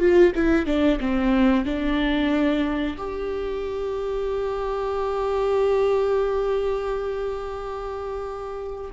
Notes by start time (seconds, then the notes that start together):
0.00 F4
0.36 E4
0.67 D4
1.00 C4
1.65 D4
2.98 G4